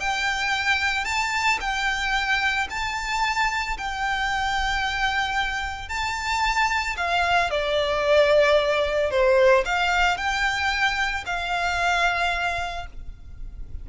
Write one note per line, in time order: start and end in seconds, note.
0.00 1.05 G5
1.05 1.59 A5
1.61 2.68 G5
2.70 3.77 A5
3.78 5.89 G5
5.89 6.96 A5
6.97 7.51 F5
7.51 9.11 D5
9.11 9.65 C5
9.66 10.17 F5
10.17 11.25 G5
11.26 12.87 F5